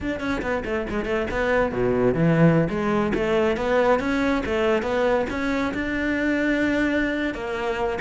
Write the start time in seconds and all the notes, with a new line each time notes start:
0.00 D4
0.20 C#4
0.42 B3
0.65 A3
0.89 G#3
1.05 A3
1.31 B3
1.71 B2
2.14 E3
2.69 G#3
3.14 A3
3.56 B3
3.99 C#4
4.45 A3
4.82 B3
5.30 C#4
5.74 D4
7.34 A#3